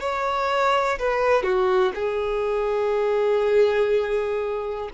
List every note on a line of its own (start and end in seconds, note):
0.00 0.98 C#5
0.99 1.43 B4
1.43 1.92 F#4
1.94 4.90 G#4